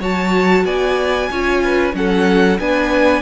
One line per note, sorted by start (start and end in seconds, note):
0.00 0.65 F#3
0.00 1.31 F#4
0.00 0.65 C#5
0.00 0.66 A5
0.65 1.29 B3
0.65 1.30 D5
0.65 1.95 G#5
1.31 1.94 C#4
1.31 1.93 F4
1.31 1.63 C#5
1.64 1.96 B4
1.93 2.59 F#3
1.93 2.58 C#4
1.93 2.60 A4
1.93 2.59 F#5
2.59 3.22 B3
2.59 3.22 D4
2.59 3.22 B4
2.59 3.22 G#5